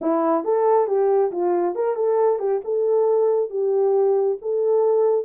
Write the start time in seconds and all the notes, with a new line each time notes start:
0.01 E4
0.44 A4
0.87 G4
1.31 F4
1.75 A#4
1.95 A4
2.39 G4
2.64 A4
3.50 G4
4.41 A4